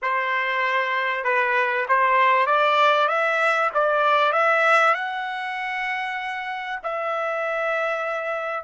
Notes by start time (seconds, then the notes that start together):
0.01 C5
1.24 B4
1.88 C5
2.46 D5
3.08 E5
3.74 D5
4.32 E5
4.94 F#5
6.83 E5